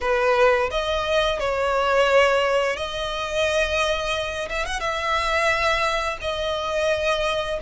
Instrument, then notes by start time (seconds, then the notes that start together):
violin
0.01 B4
0.71 D#5
1.39 C#5
2.76 D#5
4.49 E5
4.65 F#5
4.79 E5
6.21 D#5